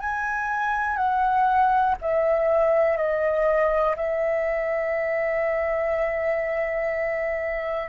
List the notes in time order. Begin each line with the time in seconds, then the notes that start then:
0.00 G#5
0.97 F#5
2.02 E5
2.97 D#5
3.96 E5